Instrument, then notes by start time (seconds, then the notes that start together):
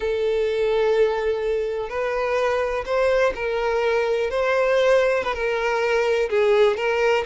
violin
0.00 A4
1.89 B4
2.85 C5
3.35 A#4
4.30 C5
5.23 B4
5.33 A#4
6.29 G#4
6.76 A#4